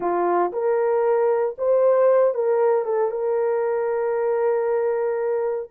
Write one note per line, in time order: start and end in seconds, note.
0.00 0.51 F4
0.52 1.56 A#4
1.58 2.34 C5
2.34 2.84 A#4
2.84 3.10 A4
3.10 5.69 A#4